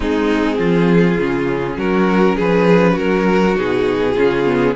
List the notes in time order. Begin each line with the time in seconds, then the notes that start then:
0.00 G#3 C4 D#4 G#4
0.58 F3 F4
1.17 C#3 C#4
1.76 F#3 F#4 A#4
2.35 F3 G#4 B4
2.92 F#3 F#4 A#4
3.55 B2 D#4 G#4
4.14 C#3 C#4 F4
4.45 B3